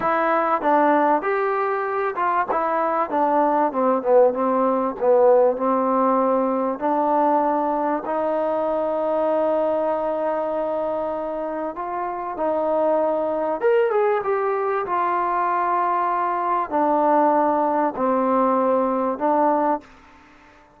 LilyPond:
\new Staff \with { instrumentName = "trombone" } { \time 4/4 \tempo 4 = 97 e'4 d'4 g'4. f'8 | e'4 d'4 c'8 b8 c'4 | b4 c'2 d'4~ | d'4 dis'2.~ |
dis'2. f'4 | dis'2 ais'8 gis'8 g'4 | f'2. d'4~ | d'4 c'2 d'4 | }